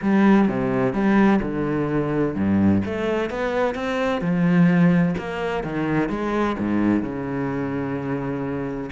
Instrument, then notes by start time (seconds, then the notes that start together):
cello
0.02 G3
0.48 C3
0.93 G3
1.42 D3
2.35 G2
2.85 A3
3.30 B3
3.74 C4
4.21 F3
5.18 A#3
5.63 D#3
6.09 G#3
6.58 G#2
7.02 C#3